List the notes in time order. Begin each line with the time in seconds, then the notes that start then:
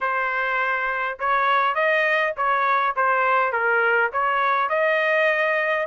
0.01 C5
1.19 C#5
1.75 D#5
2.37 C#5
2.96 C5
3.52 A#4
4.12 C#5
4.69 D#5